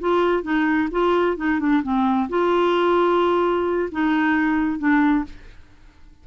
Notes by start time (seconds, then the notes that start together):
0.00 F4
0.43 D#4
0.91 F4
1.37 D#4
1.60 D4
1.83 C4
2.29 F4
3.91 D#4
4.79 D4